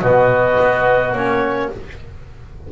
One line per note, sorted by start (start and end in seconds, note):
0.00 0.58 B2
0.00 1.15 B3
0.00 1.71 F#4
0.00 1.13 D#5
0.60 1.12 B3
1.12 1.69 A#3
1.12 1.71 C#4
1.12 1.70 C#5